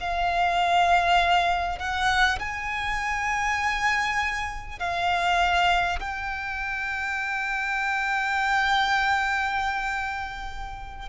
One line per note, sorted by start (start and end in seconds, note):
0.00 1.79 F5
1.79 2.39 F#5
2.39 4.79 G#5
4.79 5.99 F5
5.99 11.09 G5